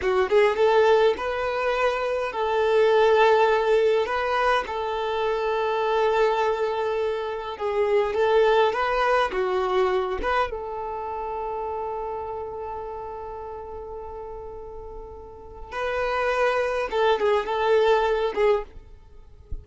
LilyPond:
\new Staff \with { instrumentName = "violin" } { \time 4/4 \tempo 4 = 103 fis'8 gis'8 a'4 b'2 | a'2. b'4 | a'1~ | a'4 gis'4 a'4 b'4 |
fis'4. b'8 a'2~ | a'1~ | a'2. b'4~ | b'4 a'8 gis'8 a'4. gis'8 | }